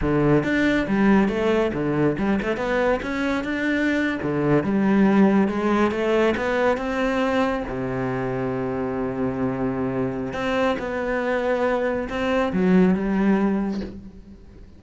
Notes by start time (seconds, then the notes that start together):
0.01 D3
0.43 D4
0.87 G3
1.28 A3
1.73 D3
2.18 G3
2.42 A3
2.56 B3
3.02 C#4
3.43 D4
4.22 D3
4.63 G3
5.48 G#3
5.91 A3
6.37 B3
6.77 C4
7.68 C3
10.33 C4
10.78 B3
12.09 C4
12.52 F#3
12.94 G3